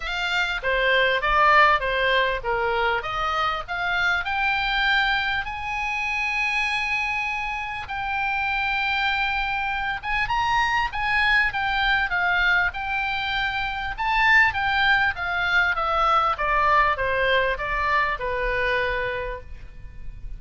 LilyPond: \new Staff \with { instrumentName = "oboe" } { \time 4/4 \tempo 4 = 99 f''4 c''4 d''4 c''4 | ais'4 dis''4 f''4 g''4~ | g''4 gis''2.~ | gis''4 g''2.~ |
g''8 gis''8 ais''4 gis''4 g''4 | f''4 g''2 a''4 | g''4 f''4 e''4 d''4 | c''4 d''4 b'2 | }